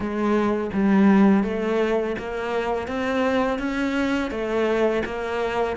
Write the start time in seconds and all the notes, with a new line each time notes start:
0.00 G#3
0.73 G3
1.43 A3
2.18 A#3
2.87 C4
3.58 C#4
4.30 A3
5.05 A#3